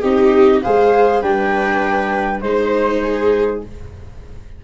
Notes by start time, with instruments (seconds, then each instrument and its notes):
0.00 tuba C4, viola D#4 G4, flute D#5
0.62 tuba G#3, viola G#4 C5, flute F5
1.22 tuba G3, viola D4 B4, flute G5
2.41 tuba G#3, viola D#4 C5, flute C5
3.02 viola G#4